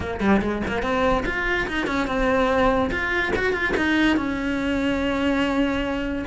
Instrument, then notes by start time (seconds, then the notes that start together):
cello
0.00 A#3
0.20 G3
0.41 G#3
0.67 A#3
0.82 C4
1.25 F4
1.67 D#4
1.87 C#4
2.07 C4
2.90 F4
3.35 F#4
3.52 F4
3.76 D#4
4.16 C#4